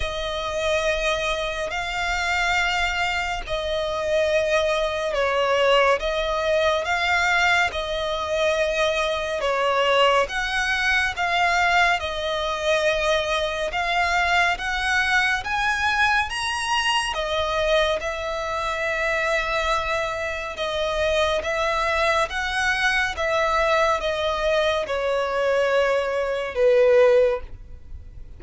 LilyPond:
\new Staff \with { instrumentName = "violin" } { \time 4/4 \tempo 4 = 70 dis''2 f''2 | dis''2 cis''4 dis''4 | f''4 dis''2 cis''4 | fis''4 f''4 dis''2 |
f''4 fis''4 gis''4 ais''4 | dis''4 e''2. | dis''4 e''4 fis''4 e''4 | dis''4 cis''2 b'4 | }